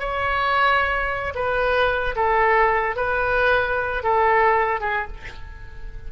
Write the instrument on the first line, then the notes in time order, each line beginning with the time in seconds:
oboe
0.00 C#5
1.35 B4
2.16 A4
2.96 B4
4.03 A4
4.81 G#4